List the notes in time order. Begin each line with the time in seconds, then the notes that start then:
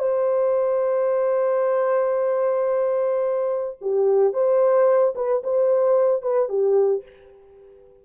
0.00 C5
3.82 G4
4.34 C5
5.16 B4
5.44 C5
6.23 B4
6.49 G4